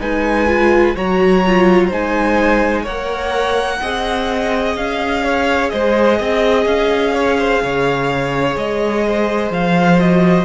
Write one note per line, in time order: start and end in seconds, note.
0.00 0.96 G#3
0.00 0.48 D#4
0.00 0.95 B4
0.00 0.96 G#5
0.48 0.95 F4
0.95 1.91 F#3
0.95 1.44 F#4
0.95 1.87 C#5
0.95 1.92 A#5
1.46 1.92 F4
1.87 2.86 G#3
1.87 2.85 D#4
1.87 2.82 C5
1.87 2.86 G#5
2.83 3.81 A#3
2.83 3.80 A#4
2.83 3.78 C#5
2.83 4.76 F#5
3.81 4.77 C4
3.81 9.98 G#4
3.81 5.24 D#5
4.76 5.72 C#4
4.76 5.70 F5
5.24 5.72 C#5
5.70 6.20 G#3
5.70 6.18 C5
5.70 6.65 D#5
6.18 6.65 C4
6.18 7.13 D#5
6.65 7.61 C#4
6.65 8.56 F5
7.13 7.37 C#5
7.39 7.62 C5
7.62 8.56 C#3
7.62 9.06 C#5
8.56 9.51 G#3
8.56 9.52 D#5
9.07 10.45 C5
9.51 10.45 F3
9.51 9.99 F5
9.98 10.45 F#4
9.98 10.45 D#5